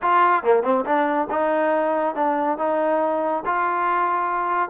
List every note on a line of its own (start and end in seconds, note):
0.02 0.43 F4
0.43 0.63 A#3
0.63 0.84 C4
0.85 1.28 D4
1.30 2.15 D#4
2.15 2.57 D4
2.57 3.43 D#4
3.45 4.69 F4